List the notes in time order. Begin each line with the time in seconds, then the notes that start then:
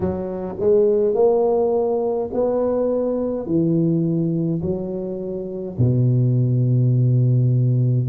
0.00 F#3
0.59 G#3
1.14 A#3
2.33 B3
3.46 E3
4.62 F#3
5.77 B2